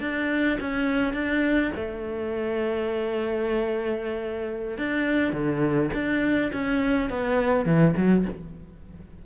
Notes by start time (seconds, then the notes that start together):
0.00 D4
0.60 C#4
1.14 D4
1.75 A3
4.78 D4
5.32 D3
5.94 D4
6.52 C#4
7.10 B3
7.65 E3
7.96 F#3